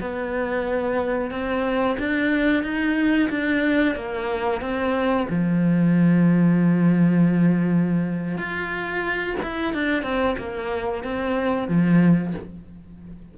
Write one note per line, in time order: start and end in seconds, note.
0.00 1.31 B3
1.31 1.97 C4
1.98 2.63 D4
2.63 3.29 D#4
3.29 3.95 D4
3.95 4.61 A#3
4.61 5.27 C4
5.29 8.37 F3
8.37 9.36 F4
9.43 9.73 E4
9.73 10.02 D4
10.02 10.35 C4
10.38 11.03 A#3
11.03 11.68 C4
11.68 12.34 F3